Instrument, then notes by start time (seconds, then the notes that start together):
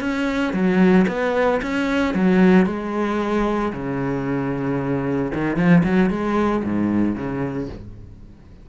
cello
0.00 C#4
0.53 F#3
1.08 B3
1.62 C#4
2.15 F#3
2.66 G#3
3.73 C#3
5.34 D#3
5.56 F3
5.84 F#3
6.10 G#3
6.64 G#2
7.16 C#3